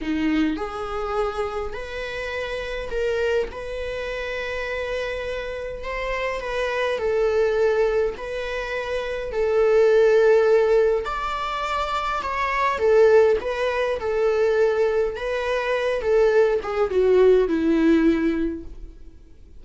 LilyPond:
\new Staff \with { instrumentName = "viola" } { \time 4/4 \tempo 4 = 103 dis'4 gis'2 b'4~ | b'4 ais'4 b'2~ | b'2 c''4 b'4 | a'2 b'2 |
a'2. d''4~ | d''4 cis''4 a'4 b'4 | a'2 b'4. a'8~ | a'8 gis'8 fis'4 e'2 | }